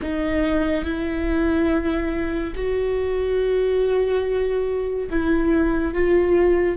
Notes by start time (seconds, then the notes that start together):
0.01 D#4
0.84 E4
2.55 F#4
5.09 E4
5.93 F4